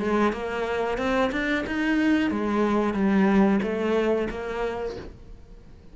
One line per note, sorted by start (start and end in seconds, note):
0.00 0.33 G#3
0.33 0.98 A#3
0.98 1.31 C4
1.32 1.65 D4
1.67 2.31 D#4
2.31 2.94 G#3
2.94 3.60 G3
3.63 4.29 A3
4.30 4.96 A#3